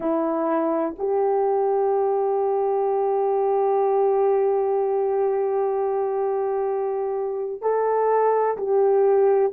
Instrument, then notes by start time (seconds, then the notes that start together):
horn
0.00 E4
0.98 G4
7.61 A4
8.57 G4